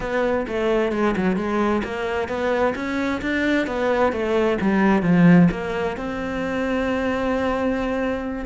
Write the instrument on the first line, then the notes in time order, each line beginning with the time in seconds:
cello
0.00 B3
0.47 A3
0.92 G#3
1.16 F#3
1.36 G#3
1.84 A#3
2.28 B3
2.75 C#4
3.21 D4
3.66 B3
4.12 A3
4.61 G3
5.02 F3
5.51 A#3
5.96 C4